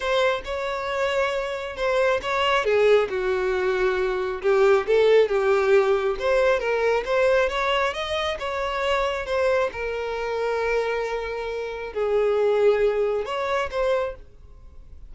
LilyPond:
\new Staff \with { instrumentName = "violin" } { \time 4/4 \tempo 4 = 136 c''4 cis''2. | c''4 cis''4 gis'4 fis'4~ | fis'2 g'4 a'4 | g'2 c''4 ais'4 |
c''4 cis''4 dis''4 cis''4~ | cis''4 c''4 ais'2~ | ais'2. gis'4~ | gis'2 cis''4 c''4 | }